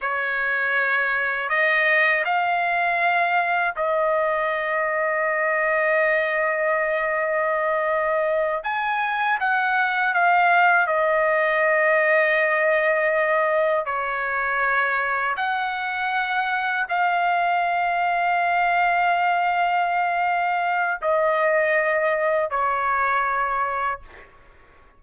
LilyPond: \new Staff \with { instrumentName = "trumpet" } { \time 4/4 \tempo 4 = 80 cis''2 dis''4 f''4~ | f''4 dis''2.~ | dis''2.~ dis''8 gis''8~ | gis''8 fis''4 f''4 dis''4.~ |
dis''2~ dis''8 cis''4.~ | cis''8 fis''2 f''4.~ | f''1 | dis''2 cis''2 | }